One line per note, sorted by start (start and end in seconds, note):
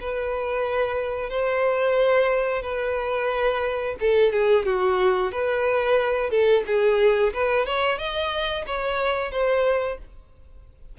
0.00 1.29 B4
1.29 2.62 C5
2.62 3.95 B4
4.00 4.32 A4
4.32 4.65 G#4
4.65 5.32 F#4
5.32 6.30 B4
6.30 6.63 A4
6.66 7.33 G#4
7.33 7.65 B4
7.65 7.98 C#5
7.98 8.65 D#5
8.66 9.31 C#5
9.31 9.98 C5